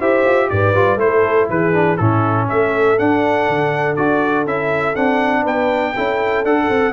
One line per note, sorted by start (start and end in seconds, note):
0.00 0.25 E4
0.00 0.75 G4
0.00 0.50 C5
0.00 0.50 E5
0.25 0.50 F4
0.50 0.74 G#2
0.50 1.02 B4
0.50 0.99 D5
0.74 0.96 G3
0.74 0.99 F4
0.96 1.46 A3
0.96 1.73 E4
0.96 1.49 C5
1.03 1.51 A4
1.50 1.99 E3
1.50 1.98 G#4
1.50 1.97 B4
1.73 1.98 D4
1.97 2.49 A2
1.97 2.98 C#4
1.97 2.48 E4
1.97 2.47 A4
2.48 2.99 A3
2.48 5.42 A4
2.48 2.99 E5
2.98 3.97 D4
2.98 3.49 D4
2.98 3.96 F#5
3.49 3.97 D3
3.96 4.46 D4
3.96 4.46 F#4
3.96 4.46 D5
4.46 4.96 C#4
4.46 4.95 E4
4.46 4.95 E5
4.95 5.46 C4
4.95 5.94 D4
4.95 5.45 F#5
5.42 5.95 B3
5.42 5.92 B4
5.42 6.45 G5
5.96 6.44 C#4
5.96 6.45 E4
5.96 6.93 A4
6.44 6.69 D4
6.44 6.93 A4
6.44 6.93 F#5
6.69 6.93 C4